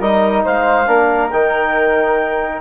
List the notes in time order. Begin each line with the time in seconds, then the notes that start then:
0.00 G3 D#4 A#4 D#5
0.44 G#3 C5 F5
0.86 A#3 D4 A#4
1.31 D#3 D#4 G5